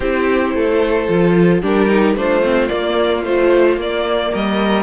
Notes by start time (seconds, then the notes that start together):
0.00 C4 E4 G4 C5
0.53 A3 A4
1.08 F3 F4
1.61 G3 D4 G4 A#4
1.88 D#4
2.15 A3 D4 F4 C5
2.42 C4
2.68 A#3 D5
3.23 F3 A3 C5
3.76 A#3 D5
4.31 G3 A#4 D#5